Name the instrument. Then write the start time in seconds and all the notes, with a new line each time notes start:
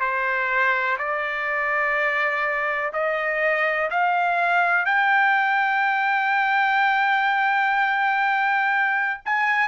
trumpet
0.00 C5
0.98 D5
2.93 D#5
3.90 F5
4.85 G5
9.25 G#5